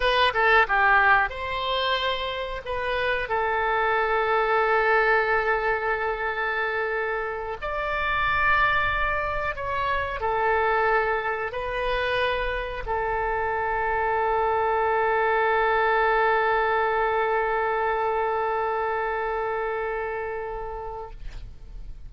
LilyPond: \new Staff \with { instrumentName = "oboe" } { \time 4/4 \tempo 4 = 91 b'8 a'8 g'4 c''2 | b'4 a'2.~ | a'2.~ a'8 d''8~ | d''2~ d''8 cis''4 a'8~ |
a'4. b'2 a'8~ | a'1~ | a'1~ | a'1 | }